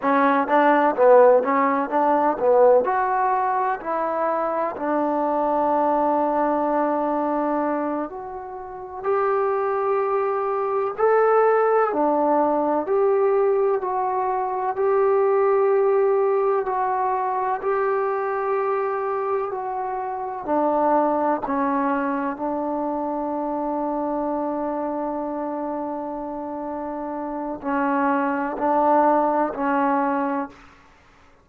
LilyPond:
\new Staff \with { instrumentName = "trombone" } { \time 4/4 \tempo 4 = 63 cis'8 d'8 b8 cis'8 d'8 b8 fis'4 | e'4 d'2.~ | d'8 fis'4 g'2 a'8~ | a'8 d'4 g'4 fis'4 g'8~ |
g'4. fis'4 g'4.~ | g'8 fis'4 d'4 cis'4 d'8~ | d'1~ | d'4 cis'4 d'4 cis'4 | }